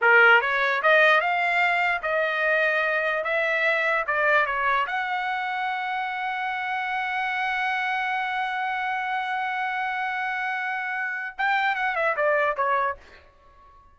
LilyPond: \new Staff \with { instrumentName = "trumpet" } { \time 4/4 \tempo 4 = 148 ais'4 cis''4 dis''4 f''4~ | f''4 dis''2. | e''2 d''4 cis''4 | fis''1~ |
fis''1~ | fis''1~ | fis''1 | g''4 fis''8 e''8 d''4 cis''4 | }